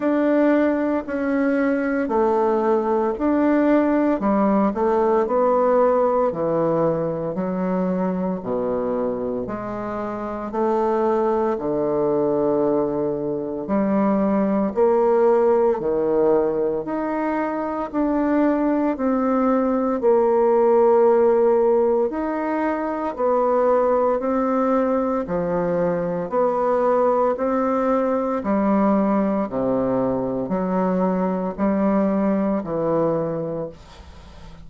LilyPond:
\new Staff \with { instrumentName = "bassoon" } { \time 4/4 \tempo 4 = 57 d'4 cis'4 a4 d'4 | g8 a8 b4 e4 fis4 | b,4 gis4 a4 d4~ | d4 g4 ais4 dis4 |
dis'4 d'4 c'4 ais4~ | ais4 dis'4 b4 c'4 | f4 b4 c'4 g4 | c4 fis4 g4 e4 | }